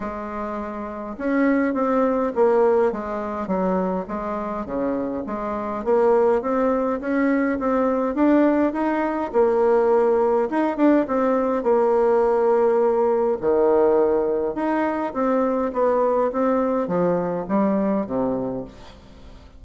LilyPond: \new Staff \with { instrumentName = "bassoon" } { \time 4/4 \tempo 4 = 103 gis2 cis'4 c'4 | ais4 gis4 fis4 gis4 | cis4 gis4 ais4 c'4 | cis'4 c'4 d'4 dis'4 |
ais2 dis'8 d'8 c'4 | ais2. dis4~ | dis4 dis'4 c'4 b4 | c'4 f4 g4 c4 | }